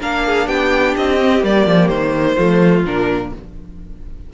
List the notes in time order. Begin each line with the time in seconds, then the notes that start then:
0.00 A#3 D4 A#4 F5
0.26 G#4
0.47 B3 G4 G5
0.97 C4 D#5
1.20 C4
1.42 G3 A#3 D5
1.67 F3
1.88 D#3 C5
2.35 F3 A3 F4
2.85 A#2 D4 A#4